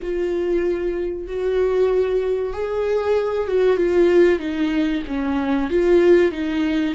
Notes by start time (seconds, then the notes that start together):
0.02 F4
1.27 F#4
2.53 G#4
3.47 F#4
3.77 F4
4.39 D#4
5.07 C#4
5.70 F4
6.31 D#4